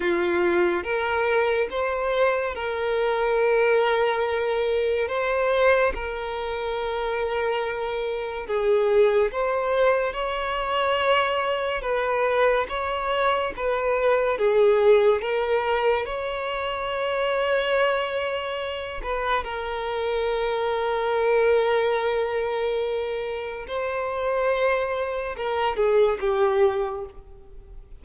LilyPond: \new Staff \with { instrumentName = "violin" } { \time 4/4 \tempo 4 = 71 f'4 ais'4 c''4 ais'4~ | ais'2 c''4 ais'4~ | ais'2 gis'4 c''4 | cis''2 b'4 cis''4 |
b'4 gis'4 ais'4 cis''4~ | cis''2~ cis''8 b'8 ais'4~ | ais'1 | c''2 ais'8 gis'8 g'4 | }